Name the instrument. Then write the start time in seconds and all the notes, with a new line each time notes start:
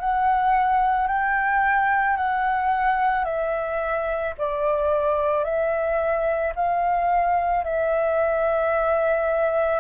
flute
0.00 F#5
1.08 G5
2.17 F#5
3.25 E5
4.38 D5
5.44 E5
6.56 F5
7.64 E5